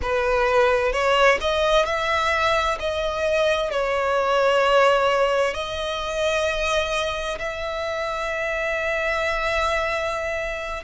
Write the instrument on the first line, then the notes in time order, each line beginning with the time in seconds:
violin
0.02 B4
0.92 C#5
1.41 D#5
1.85 E5
2.79 D#5
3.70 C#5
5.53 D#5
7.38 E5